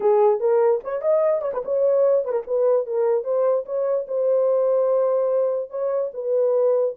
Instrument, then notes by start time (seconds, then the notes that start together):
horn
0.00 G#4
0.40 A#4
0.83 C#5
1.01 D#5
1.41 C#5
1.53 B4
1.64 C#5
2.24 B4
2.32 A#4
2.46 B4
2.86 A#4
3.24 C5
3.65 C#5
4.07 C5
5.69 C#5
6.13 B4